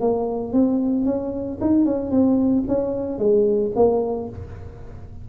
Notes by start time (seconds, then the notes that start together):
0.00 A#3
0.53 C4
1.05 C#4
1.61 D#4
1.85 C#4
2.10 C4
2.68 C#4
3.18 G#3
3.75 A#3